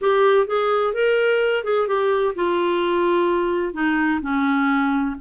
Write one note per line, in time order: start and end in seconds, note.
0.01 0.46 G4
0.46 0.93 G#4
0.93 1.63 A#4
1.64 1.87 G#4
1.87 2.34 G4
2.35 3.73 F4
3.73 4.20 D#4
4.21 5.15 C#4